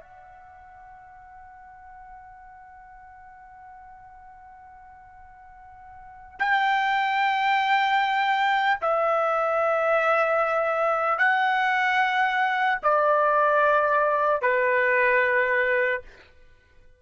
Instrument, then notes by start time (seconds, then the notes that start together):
trumpet
0.00 F#5
6.39 G5
8.81 E5
11.19 F#5
12.82 D5
14.41 B4